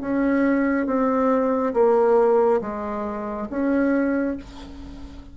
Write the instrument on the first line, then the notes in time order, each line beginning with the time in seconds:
bassoon
0.00 C#4
0.86 C4
1.74 A#3
2.61 G#3
3.50 C#4